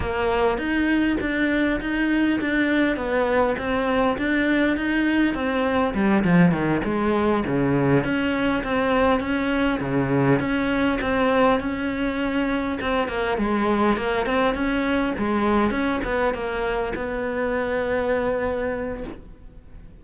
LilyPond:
\new Staff \with { instrumentName = "cello" } { \time 4/4 \tempo 4 = 101 ais4 dis'4 d'4 dis'4 | d'4 b4 c'4 d'4 | dis'4 c'4 g8 f8 dis8 gis8~ | gis8 cis4 cis'4 c'4 cis'8~ |
cis'8 cis4 cis'4 c'4 cis'8~ | cis'4. c'8 ais8 gis4 ais8 | c'8 cis'4 gis4 cis'8 b8 ais8~ | ais8 b2.~ b8 | }